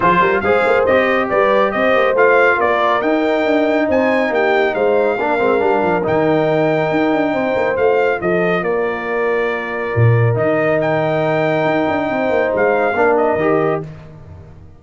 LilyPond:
<<
  \new Staff \with { instrumentName = "trumpet" } { \time 4/4 \tempo 4 = 139 c''4 f''4 dis''4 d''4 | dis''4 f''4 d''4 g''4~ | g''4 gis''4 g''4 f''4~ | f''2 g''2~ |
g''2 f''4 dis''4 | d''1 | dis''4 g''2.~ | g''4 f''4. dis''4. | }
  \new Staff \with { instrumentName = "horn" } { \time 4/4 gis'8 ais'8 c''2 b'4 | c''2 ais'2~ | ais'4 c''4 g'4 c''4 | ais'1~ |
ais'4 c''2 a'4 | ais'1~ | ais'1 | c''2 ais'2 | }
  \new Staff \with { instrumentName = "trombone" } { \time 4/4 f'4 gis'4 g'2~ | g'4 f'2 dis'4~ | dis'1 | d'8 c'8 d'4 dis'2~ |
dis'2 f'2~ | f'1 | dis'1~ | dis'2 d'4 g'4 | }
  \new Staff \with { instrumentName = "tuba" } { \time 4/4 f8 g8 gis8 ais8 c'4 g4 | c'8 ais8 a4 ais4 dis'4 | d'4 c'4 ais4 gis4 | ais8 gis8 g8 f8 dis2 |
dis'8 d'8 c'8 ais8 a4 f4 | ais2. ais,4 | dis2. dis'8 d'8 | c'8 ais8 gis4 ais4 dis4 | }
>>